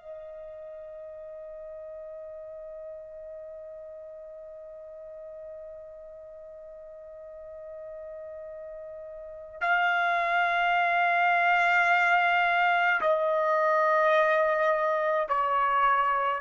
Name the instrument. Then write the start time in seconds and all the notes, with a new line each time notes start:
trumpet
0.00 D#5
9.61 F5
13.01 D#5
15.29 C#5